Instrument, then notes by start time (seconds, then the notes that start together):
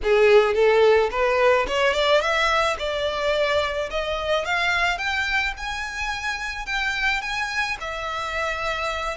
violin
0.03 G#4
0.54 A4
1.10 B4
1.67 C#5
1.93 D5
2.21 E5
2.78 D5
3.90 D#5
4.45 F5
4.98 G5
5.57 G#5
6.65 G5
7.21 G#5
7.80 E5